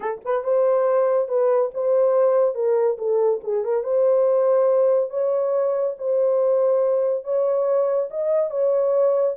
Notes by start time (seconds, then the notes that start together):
0.00 A4
0.24 B4
0.44 C5
1.28 B4
1.74 C5
2.54 A#4
2.98 A4
3.43 G#4
3.64 A#4
3.83 C5
5.10 C#5
5.98 C5
7.23 C#5
8.10 D#5
8.50 C#5